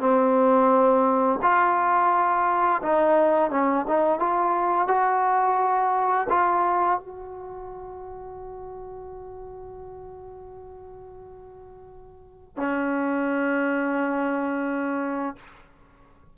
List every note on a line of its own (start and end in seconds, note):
0.00 1.40 C4
1.42 2.82 F4
2.83 3.51 D#4
3.51 3.86 C#4
3.88 4.20 D#4
4.20 4.88 F4
4.88 6.28 F#4
6.30 7.00 F4
7.00 12.57 F#4
12.57 15.36 C#4